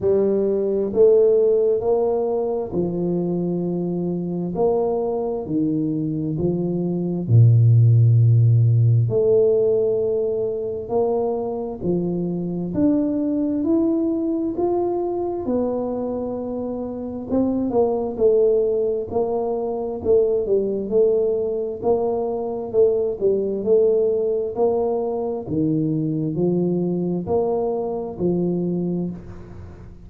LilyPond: \new Staff \with { instrumentName = "tuba" } { \time 4/4 \tempo 4 = 66 g4 a4 ais4 f4~ | f4 ais4 dis4 f4 | ais,2 a2 | ais4 f4 d'4 e'4 |
f'4 b2 c'8 ais8 | a4 ais4 a8 g8 a4 | ais4 a8 g8 a4 ais4 | dis4 f4 ais4 f4 | }